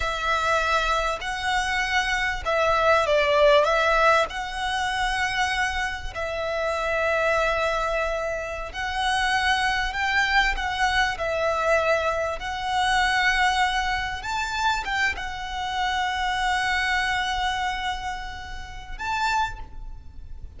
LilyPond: \new Staff \with { instrumentName = "violin" } { \time 4/4 \tempo 4 = 98 e''2 fis''2 | e''4 d''4 e''4 fis''4~ | fis''2 e''2~ | e''2~ e''16 fis''4.~ fis''16~ |
fis''16 g''4 fis''4 e''4.~ e''16~ | e''16 fis''2. a''8.~ | a''16 g''8 fis''2.~ fis''16~ | fis''2. a''4 | }